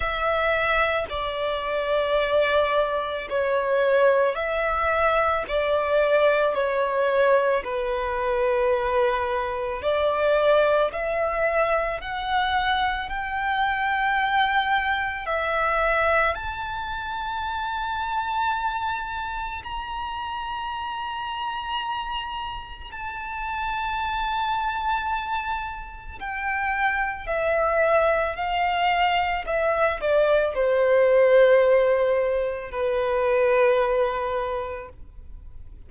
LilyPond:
\new Staff \with { instrumentName = "violin" } { \time 4/4 \tempo 4 = 55 e''4 d''2 cis''4 | e''4 d''4 cis''4 b'4~ | b'4 d''4 e''4 fis''4 | g''2 e''4 a''4~ |
a''2 ais''2~ | ais''4 a''2. | g''4 e''4 f''4 e''8 d''8 | c''2 b'2 | }